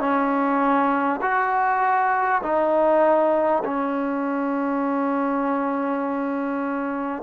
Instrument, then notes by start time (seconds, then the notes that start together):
trombone
0.00 C#4
1.22 F#4
2.42 D#4
3.64 C#4